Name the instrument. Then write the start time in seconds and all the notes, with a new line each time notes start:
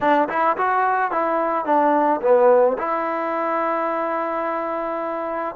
trombone
0.00 D4
0.29 E4
0.57 F#4
1.11 E4
1.65 D4
2.21 B3
2.78 E4